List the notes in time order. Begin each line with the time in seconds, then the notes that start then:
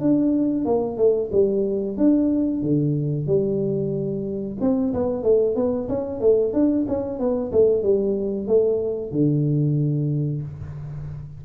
0.00 D4
0.65 A#3
0.97 A3
1.32 G3
1.97 D4
2.62 D3
3.26 G3
4.60 C4
4.93 B3
5.23 A3
5.55 B3
5.88 C#4
6.20 A3
6.53 D4
6.88 C#4
7.19 B3
7.51 A3
7.82 G3
8.47 A3
9.11 D3